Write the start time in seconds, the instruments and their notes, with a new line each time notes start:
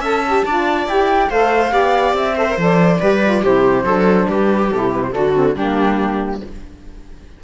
0.00 cello C#4, saxophone A4, viola E5, flute A5
0.27 saxophone G4
0.45 cello D4, saxophone F4, viola D5
0.87 cello E4, saxophone G4, flute G5
1.30 cello A3, saxophone A4, viola C5, flute F5
1.70 cello B3, saxophone G4, viola D5
2.13 cello C4, flute E5
2.35 saxophone A4, viola C5
2.49 saxophone A#4
2.57 cello F3, saxophone A4, flute D5
3.00 cello G3, saxophone G4, viola B4
3.24 saxophone F4
3.42 cello C3, saxophone E4, viola G4, flute C5
3.84 cello F#3, saxophone D4, viola A4
4.28 cello G3, viola G4, flute B4
4.71 cello C3, saxophone E4, flute A4
4.92 flute B4
5.03 flute C5
5.12 cello D3, saxophone D4, viola F#4, flute A4
5.35 saxophone C4
5.56 cello G3, saxophone A#3, viola D4, flute G4